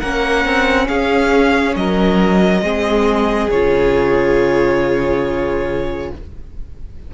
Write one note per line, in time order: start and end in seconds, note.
0.00 0.45 A#3
0.00 2.63 C#4
0.00 0.87 A#4
0.00 0.87 F#5
0.45 0.89 C4
0.88 1.76 C#4
0.88 1.76 G#4
0.88 1.75 F5
1.76 2.62 F#3
1.76 2.63 A#4
1.76 3.50 D#5
2.62 3.49 G#3
2.62 3.50 C4
2.62 6.11 G#4
3.51 6.12 C#3
3.51 6.14 F4
3.51 6.12 C#5